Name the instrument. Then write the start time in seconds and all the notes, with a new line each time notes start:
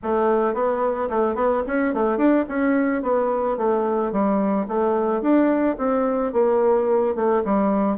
bassoon
0.03 A3
0.54 B3
1.09 A3
1.35 B3
1.66 C#4
1.94 A3
2.17 D4
2.48 C#4
3.02 B3
3.57 A3
4.11 G3
4.68 A3
5.21 D4
5.77 C4
6.32 A#3
7.15 A3
7.45 G3